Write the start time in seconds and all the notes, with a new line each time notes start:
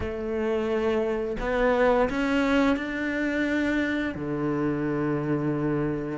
0.00 A3
1.40 B3
2.09 C#4
2.76 D4
4.14 D3